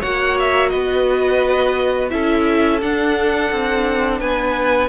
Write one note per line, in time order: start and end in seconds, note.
0.00 0.74 A#3
0.00 2.10 F#4
0.00 0.70 C#5
0.00 0.37 F#5
0.39 0.69 E5
0.69 2.12 B3
0.69 2.11 B4
0.69 2.09 D#5
2.10 2.81 C#4
2.10 2.80 E4
2.10 4.20 A4
2.10 2.80 E5
2.81 3.51 D4
2.81 4.88 D4
2.81 4.20 F#5
3.51 4.20 C4
4.20 4.88 B3
4.20 4.88 B4
4.20 4.88 G#5